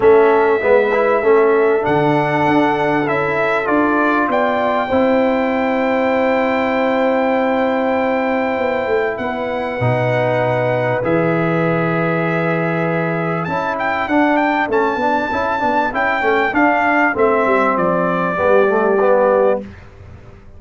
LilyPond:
<<
  \new Staff \with { instrumentName = "trumpet" } { \time 4/4 \tempo 4 = 98 e''2. fis''4~ | fis''4 e''4 d''4 g''4~ | g''1~ | g''2. fis''4~ |
fis''2 e''2~ | e''2 a''8 g''8 fis''8 g''8 | a''2 g''4 f''4 | e''4 d''2. | }
  \new Staff \with { instrumentName = "horn" } { \time 4/4 a'4 b'4 a'2~ | a'2. d''4 | c''1~ | c''2. b'4~ |
b'1~ | b'2 a'2~ | a'1~ | a'2 g'2 | }
  \new Staff \with { instrumentName = "trombone" } { \time 4/4 cis'4 b8 e'8 cis'4 d'4~ | d'4 e'4 f'2 | e'1~ | e'1 |
dis'2 gis'2~ | gis'2 e'4 d'4 | cis'8 d'8 e'8 d'8 e'8 cis'8 d'4 | c'2 b8 a8 b4 | }
  \new Staff \with { instrumentName = "tuba" } { \time 4/4 a4 gis4 a4 d4 | d'4 cis'4 d'4 b4 | c'1~ | c'2 b8 a8 b4 |
b,2 e2~ | e2 cis'4 d'4 | a8 b8 cis'8 b8 cis'8 a8 d'4 | a8 g8 f4 g2 | }
>>